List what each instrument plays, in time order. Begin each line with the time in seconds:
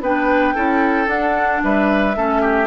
0.00 bassoon B3, clarinet D4, oboe B4, flute G5
0.54 bassoon C#4, clarinet E4, oboe A4
1.06 clarinet D4, bassoon D4, flute F#5
1.63 bassoon G3, oboe B4, flute E5
2.16 bassoon A3, clarinet C#4, oboe A4
2.41 oboe G4